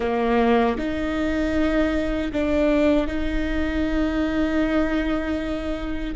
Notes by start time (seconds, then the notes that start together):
0.00 A#3
0.78 D#4
2.32 D4
3.07 D#4